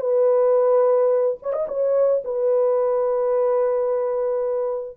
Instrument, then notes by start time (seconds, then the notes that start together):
horn
0.00 B4
1.42 C#5
1.53 D#5
1.68 C#5
2.24 B4